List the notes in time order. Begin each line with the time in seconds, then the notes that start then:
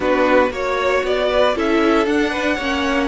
0.00 B3 D4 F#4 B4
0.50 A#3 F#4 C#5
1.03 B3 D5
1.30 B4
1.55 C#4 E4 A4 E5
2.06 D4 F#5
2.30 B4
2.55 A#3 C#5
2.61 C#4